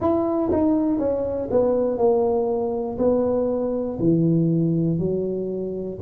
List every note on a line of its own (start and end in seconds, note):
0.00 0.50 E4
0.51 0.99 D#4
0.99 1.49 C#4
1.50 1.97 B3
1.97 2.97 A#3
2.98 3.98 B3
3.99 4.99 E3
4.99 5.99 F#3